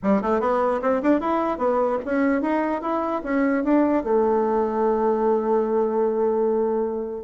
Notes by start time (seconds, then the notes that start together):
0.03 G3
0.22 A3
0.40 B3
0.81 C4
1.02 D4
1.20 E4
1.58 B3
2.05 C#4
2.41 D#4
2.81 E4
3.23 C#4
3.64 D4
4.03 A3